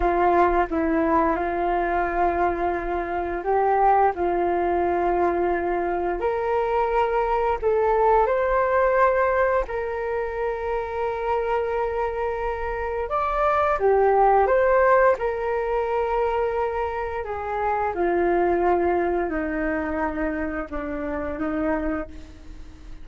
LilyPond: \new Staff \with { instrumentName = "flute" } { \time 4/4 \tempo 4 = 87 f'4 e'4 f'2~ | f'4 g'4 f'2~ | f'4 ais'2 a'4 | c''2 ais'2~ |
ais'2. d''4 | g'4 c''4 ais'2~ | ais'4 gis'4 f'2 | dis'2 d'4 dis'4 | }